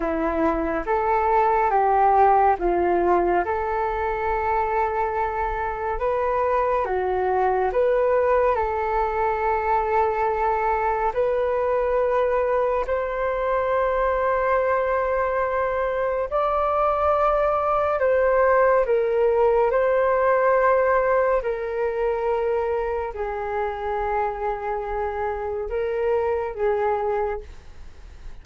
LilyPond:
\new Staff \with { instrumentName = "flute" } { \time 4/4 \tempo 4 = 70 e'4 a'4 g'4 f'4 | a'2. b'4 | fis'4 b'4 a'2~ | a'4 b'2 c''4~ |
c''2. d''4~ | d''4 c''4 ais'4 c''4~ | c''4 ais'2 gis'4~ | gis'2 ais'4 gis'4 | }